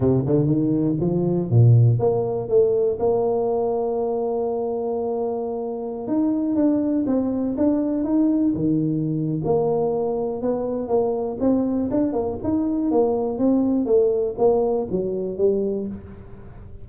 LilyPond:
\new Staff \with { instrumentName = "tuba" } { \time 4/4 \tempo 4 = 121 c8 d8 dis4 f4 ais,4 | ais4 a4 ais2~ | ais1~ | ais16 dis'4 d'4 c'4 d'8.~ |
d'16 dis'4 dis4.~ dis16 ais4~ | ais4 b4 ais4 c'4 | d'8 ais8 dis'4 ais4 c'4 | a4 ais4 fis4 g4 | }